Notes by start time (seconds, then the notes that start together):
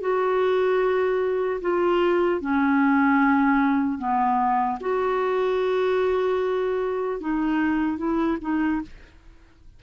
0.00 F#4
1.61 F4
2.40 C#4
3.98 B3
4.80 F#4
7.20 D#4
7.97 E4
8.41 D#4